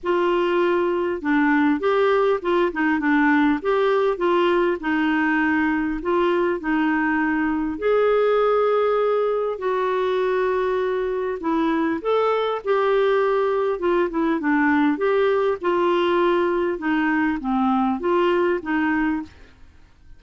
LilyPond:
\new Staff \with { instrumentName = "clarinet" } { \time 4/4 \tempo 4 = 100 f'2 d'4 g'4 | f'8 dis'8 d'4 g'4 f'4 | dis'2 f'4 dis'4~ | dis'4 gis'2. |
fis'2. e'4 | a'4 g'2 f'8 e'8 | d'4 g'4 f'2 | dis'4 c'4 f'4 dis'4 | }